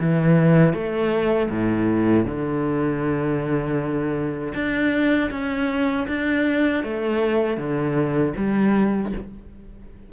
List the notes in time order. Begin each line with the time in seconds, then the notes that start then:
0.00 E3
0.74 A3
1.50 A2
2.25 D3
4.55 D4
5.31 C#4
6.08 D4
6.84 A3
7.57 D3
8.37 G3